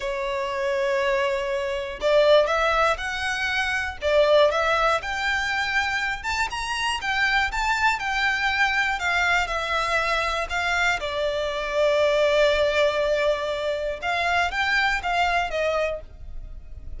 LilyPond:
\new Staff \with { instrumentName = "violin" } { \time 4/4 \tempo 4 = 120 cis''1 | d''4 e''4 fis''2 | d''4 e''4 g''2~ | g''8 a''8 ais''4 g''4 a''4 |
g''2 f''4 e''4~ | e''4 f''4 d''2~ | d''1 | f''4 g''4 f''4 dis''4 | }